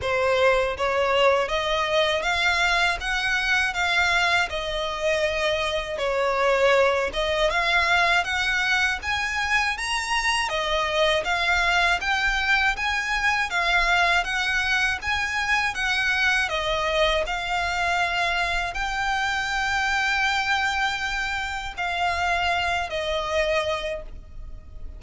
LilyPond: \new Staff \with { instrumentName = "violin" } { \time 4/4 \tempo 4 = 80 c''4 cis''4 dis''4 f''4 | fis''4 f''4 dis''2 | cis''4. dis''8 f''4 fis''4 | gis''4 ais''4 dis''4 f''4 |
g''4 gis''4 f''4 fis''4 | gis''4 fis''4 dis''4 f''4~ | f''4 g''2.~ | g''4 f''4. dis''4. | }